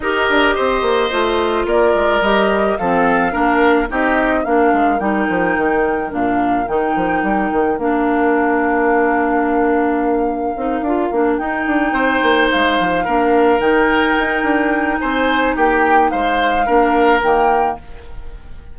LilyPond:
<<
  \new Staff \with { instrumentName = "flute" } { \time 4/4 \tempo 4 = 108 dis''2. d''4 | dis''4 f''2 dis''4 | f''4 g''2 f''4 | g''2 f''2~ |
f''1~ | f''8 g''2 f''4.~ | f''8 g''2~ g''8 gis''4 | g''4 f''2 g''4 | }
  \new Staff \with { instrumentName = "oboe" } { \time 4/4 ais'4 c''2 ais'4~ | ais'4 a'4 ais'4 g'4 | ais'1~ | ais'1~ |
ais'1~ | ais'4. c''2 ais'8~ | ais'2. c''4 | g'4 c''4 ais'2 | }
  \new Staff \with { instrumentName = "clarinet" } { \time 4/4 g'2 f'2 | g'4 c'4 d'4 dis'4 | d'4 dis'2 d'4 | dis'2 d'2~ |
d'2. dis'8 f'8 | d'8 dis'2. d'8~ | d'8 dis'2.~ dis'8~ | dis'2 d'4 ais4 | }
  \new Staff \with { instrumentName = "bassoon" } { \time 4/4 dis'8 d'8 c'8 ais8 a4 ais8 gis8 | g4 f4 ais4 c'4 | ais8 gis8 g8 f8 dis4 ais,4 | dis8 f8 g8 dis8 ais2~ |
ais2. c'8 d'8 | ais8 dis'8 d'8 c'8 ais8 gis8 f8 ais8~ | ais8 dis4 dis'8 d'4 c'4 | ais4 gis4 ais4 dis4 | }
>>